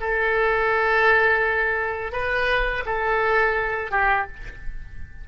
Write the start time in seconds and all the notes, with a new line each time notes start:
0.00 A4
2.12 B4
2.86 A4
3.91 G4